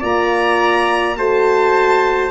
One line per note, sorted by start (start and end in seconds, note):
0.00 1.17 A#3
0.00 1.17 F4
0.00 1.15 D5
0.00 1.17 A#5
1.17 2.31 A3
1.17 2.31 F#4
1.17 2.31 C5
1.17 2.31 A5